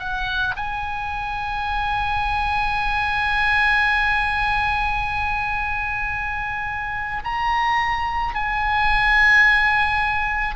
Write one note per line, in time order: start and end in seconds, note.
0.00 0.56 F#5
0.57 7.23 G#5
7.25 8.35 A#5
8.35 10.56 G#5